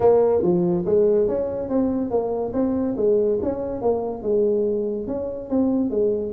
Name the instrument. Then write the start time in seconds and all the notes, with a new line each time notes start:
tuba
0.00 A#3
0.42 F3
0.85 G#3
1.28 C#4
1.68 C4
2.10 A#3
2.53 C4
2.97 G#3
3.42 C#4
3.81 A#3
4.22 G#3
5.07 C#4
5.49 C4
5.90 G#3